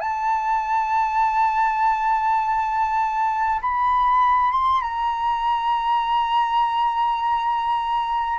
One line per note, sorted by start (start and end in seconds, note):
0.00 3.60 A5
3.61 4.51 B5
4.51 4.81 C6
4.81 8.38 A#5